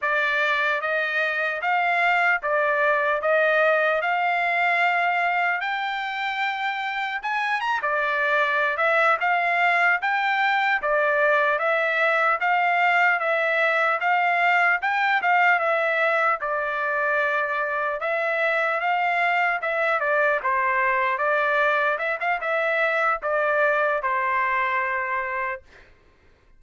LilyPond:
\new Staff \with { instrumentName = "trumpet" } { \time 4/4 \tempo 4 = 75 d''4 dis''4 f''4 d''4 | dis''4 f''2 g''4~ | g''4 gis''8 ais''16 d''4~ d''16 e''8 f''8~ | f''8 g''4 d''4 e''4 f''8~ |
f''8 e''4 f''4 g''8 f''8 e''8~ | e''8 d''2 e''4 f''8~ | f''8 e''8 d''8 c''4 d''4 e''16 f''16 | e''4 d''4 c''2 | }